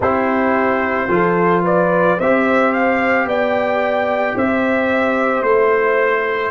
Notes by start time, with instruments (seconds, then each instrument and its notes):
0.00 tuba C4, trombone E4, horn G4, trumpet C5
1.08 tuba F3, trombone F4, horn A4
1.62 horn B4, trumpet D5
2.17 tuba C4, trombone G4, horn C5, trumpet E5
2.72 trumpet F5
3.25 tuba B3, horn D5, trumpet G5
4.35 tuba C4, horn C5, trumpet E5
5.42 tuba A3, trombone E4, trumpet C5